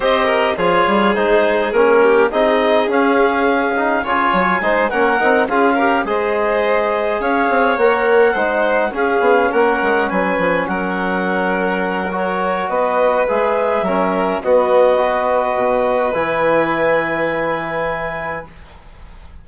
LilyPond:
<<
  \new Staff \with { instrumentName = "clarinet" } { \time 4/4 \tempo 4 = 104 dis''4 cis''4 c''4 ais'4 | dis''4 f''2 gis''4~ | gis''8 fis''4 f''4 dis''4.~ | dis''8 f''4 fis''2 f''8~ |
f''8 fis''4 gis''4 fis''4.~ | fis''4 cis''4 dis''4 e''4~ | e''4 dis''2. | gis''1 | }
  \new Staff \with { instrumentName = "violin" } { \time 4/4 c''8 ais'8 gis'2~ gis'8 g'8 | gis'2. cis''4 | c''8 ais'4 gis'8 ais'8 c''4.~ | c''8 cis''2 c''4 gis'8~ |
gis'8 ais'4 b'4 ais'4.~ | ais'2 b'2 | ais'4 fis'4 b'2~ | b'1 | }
  \new Staff \with { instrumentName = "trombone" } { \time 4/4 g'4 f'4 dis'4 cis'4 | dis'4 cis'4. dis'8 f'4 | dis'8 cis'8 dis'8 f'8 g'8 gis'4.~ | gis'4. ais'4 dis'4 cis'8~ |
cis'1~ | cis'4 fis'2 gis'4 | cis'4 b4 fis'2 | e'1 | }
  \new Staff \with { instrumentName = "bassoon" } { \time 4/4 c'4 f8 g8 gis4 ais4 | c'4 cis'2 cis8 fis8 | gis8 ais8 c'8 cis'4 gis4.~ | gis8 cis'8 c'8 ais4 gis4 cis'8 |
b8 ais8 gis8 fis8 f8 fis4.~ | fis2 b4 gis4 | fis4 b2 b,4 | e1 | }
>>